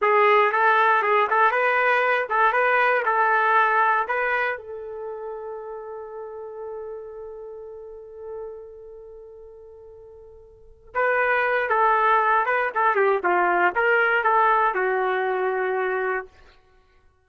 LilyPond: \new Staff \with { instrumentName = "trumpet" } { \time 4/4 \tempo 4 = 118 gis'4 a'4 gis'8 a'8 b'4~ | b'8 a'8 b'4 a'2 | b'4 a'2.~ | a'1~ |
a'1~ | a'4. b'4. a'4~ | a'8 b'8 a'8 g'8 f'4 ais'4 | a'4 fis'2. | }